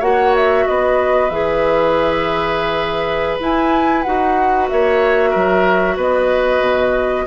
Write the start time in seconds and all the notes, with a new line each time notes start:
0.00 A#3 F#4 C#5 F#5
0.36 E5
0.68 B3 B4 D#5
1.30 E3 G#4 E5
3.40 E4 G#5
4.03 D#4 F#4 F#5
4.69 A#3 C#5 E5
5.31 F#3 A#4
5.97 B3 B4 D#5
6.61 B2